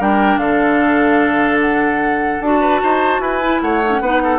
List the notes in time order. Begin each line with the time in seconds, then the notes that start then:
0.00 G3 D4 A#4 G5
0.37 D3 A4 F5
1.61 F#5
2.41 D4 F#4 A5
2.61 B4
2.83 D#4 C5
3.20 E4 B4 G#5
3.42 E4
3.61 A3 C#5 F#5
3.85 D#4
3.91 C#4
4.01 B3 D#4 B4
4.24 A4